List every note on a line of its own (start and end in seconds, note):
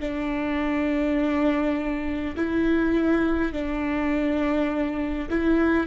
0.00 2.35 D4
2.36 3.52 E4
3.52 5.29 D4
5.30 5.87 E4